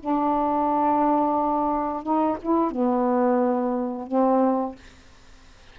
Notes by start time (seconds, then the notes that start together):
0.00 D4
2.03 D#4
2.42 E4
2.71 B3
4.07 C4